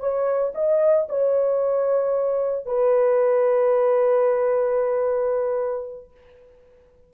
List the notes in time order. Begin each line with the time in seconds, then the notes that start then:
0.00 C#5
0.55 D#5
1.09 C#5
2.66 B4